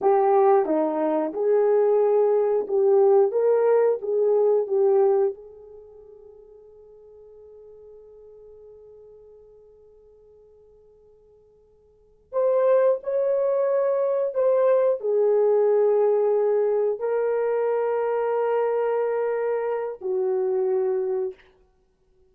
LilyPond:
\new Staff \with { instrumentName = "horn" } { \time 4/4 \tempo 4 = 90 g'4 dis'4 gis'2 | g'4 ais'4 gis'4 g'4 | gis'1~ | gis'1~ |
gis'2~ gis'8 c''4 cis''8~ | cis''4. c''4 gis'4.~ | gis'4. ais'2~ ais'8~ | ais'2 fis'2 | }